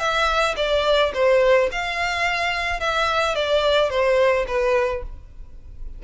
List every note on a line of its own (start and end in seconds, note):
0.00 0.56 E5
0.57 1.12 D5
1.14 1.70 C5
1.72 2.80 F5
2.80 3.36 E5
3.36 3.90 D5
3.90 4.46 C5
4.48 5.03 B4